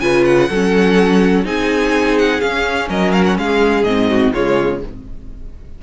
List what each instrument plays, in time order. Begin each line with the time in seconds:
0.00 cello C#3, viola F4, violin B4 G#5
0.25 violin F#5
0.49 cello F#3, viola C#4, violin A4
1.45 cello C4, viola D#4, violin G#4 G#5
2.18 violin F#5
2.41 viola C#4, cello C#4, violin F5
2.89 cello F#3, violin A#4 D#5
3.12 violin F5
3.24 violin F#5
3.37 cello G#3, violin G#4 F5
3.84 cello G#2, viola C4, violin D#5
4.10 violin F#4
4.33 cello C#3, viola G#3, violin F4 C#5